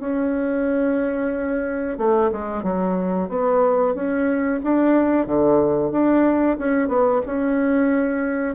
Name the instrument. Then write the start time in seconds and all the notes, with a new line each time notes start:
bassoon
0.00 C#4
1.98 A3
2.33 G#3
2.63 F#3
3.29 B3
3.95 C#4
4.64 D4
5.27 D3
5.91 D4
6.58 C#4
6.88 B3
7.26 C#4